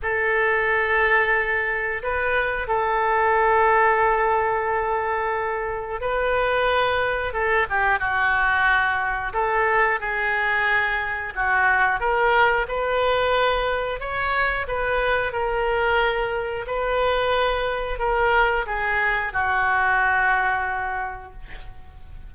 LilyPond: \new Staff \with { instrumentName = "oboe" } { \time 4/4 \tempo 4 = 90 a'2. b'4 | a'1~ | a'4 b'2 a'8 g'8 | fis'2 a'4 gis'4~ |
gis'4 fis'4 ais'4 b'4~ | b'4 cis''4 b'4 ais'4~ | ais'4 b'2 ais'4 | gis'4 fis'2. | }